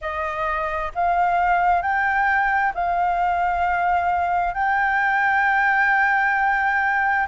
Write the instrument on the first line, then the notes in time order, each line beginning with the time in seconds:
flute
0.01 D#5
0.94 F5
1.82 G5
2.74 F5
4.54 G5